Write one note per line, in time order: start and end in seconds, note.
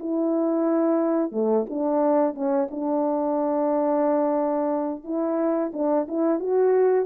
0.00 1.32 E4
1.32 1.66 A3
1.70 2.35 D4
2.35 2.68 C#4
2.71 5.04 D4
5.04 5.72 E4
5.73 6.07 D4
6.08 6.40 E4
6.40 7.06 F#4